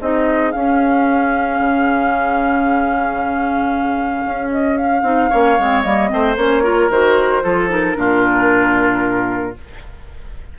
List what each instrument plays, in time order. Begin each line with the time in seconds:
0.00 bassoon C4, clarinet D#4, oboe G#4, flute D#5
0.51 clarinet C#4, bassoon C#4, flute F5
1.59 bassoon C#3
4.25 bassoon C#4
4.51 flute D#5
4.77 flute F5
5.02 bassoon C4, clarinet D#4
5.29 bassoon A#3, clarinet C#4, oboe C#5
5.59 bassoon G#3, clarinet C4
5.81 bassoon G3, clarinet A#3, flute D#5
6.08 bassoon A3, clarinet C4, oboe C5
6.36 bassoon A#3, clarinet C#4, flute C#5
6.63 clarinet F4, oboe A#4
6.89 bassoon D#3, clarinet F#4, flute C5
7.42 bassoon F3, clarinet F4, oboe A4
7.68 clarinet D#4, flute A#4
7.94 bassoon A#2, clarinet D4, oboe F4